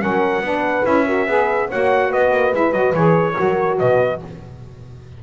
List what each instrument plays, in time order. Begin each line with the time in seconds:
0.00 double bass F#3, saxophone C#4, horn A#4, trumpet F#5
0.40 double bass B3, saxophone D4, horn B4
0.84 double bass C#4, saxophone E4, trumpet E5
1.06 saxophone F#4, horn A#4
1.27 double bass B3, saxophone G#4, horn B4
1.68 double bass A#3, saxophone F#4, horn C#5, trumpet F#5
2.08 double bass B3, horn B4, trumpet D#5
2.31 double bass A#3
2.52 double bass G#3, saxophone E4, trumpet E5
2.72 double bass F#3, saxophone F#4, trumpet D#5
2.94 double bass E3, saxophone G#4, trumpet C#5
3.34 double bass F#3, saxophone F#4, horn A#4
3.79 double bass B2, horn B4, trumpet D#5